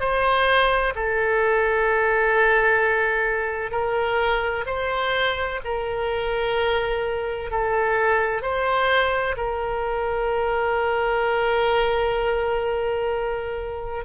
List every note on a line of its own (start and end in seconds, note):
0.00 0.94 C5
0.95 3.71 A4
3.71 4.65 A#4
4.66 5.60 C5
5.64 7.51 A#4
7.51 8.42 A4
8.42 9.35 C5
9.37 14.05 A#4